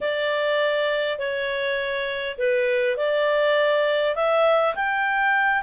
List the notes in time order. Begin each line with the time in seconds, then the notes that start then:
0.00 D5
1.18 C#5
2.38 B4
2.96 D5
4.15 E5
4.75 G5